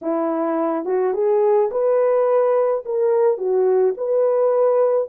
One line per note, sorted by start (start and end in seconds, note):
0.01 0.85 E4
0.85 1.13 F#4
1.13 1.70 G#4
1.71 2.84 B4
2.85 3.37 A#4
3.37 3.94 F#4
3.97 5.08 B4